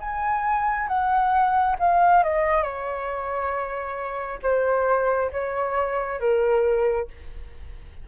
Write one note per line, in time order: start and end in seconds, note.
0.00 0.88 G#5
0.88 1.76 F#5
1.79 2.23 F5
2.24 2.63 D#5
2.63 4.40 C#5
4.43 5.31 C5
5.32 6.20 C#5
6.20 7.08 A#4